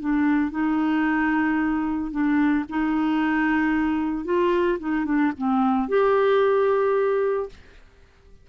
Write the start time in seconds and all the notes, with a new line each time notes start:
0.00 D4
0.51 D#4
2.11 D4
2.69 D#4
4.25 F4
4.79 D#4
5.06 D4
5.38 C4
5.89 G4